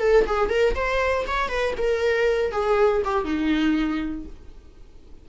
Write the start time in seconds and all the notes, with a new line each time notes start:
0.00 A4
0.26 G#4
0.49 A#4
0.75 C5
1.27 C#5
1.49 B4
1.77 A#4
2.52 G#4
3.04 G4
3.25 D#4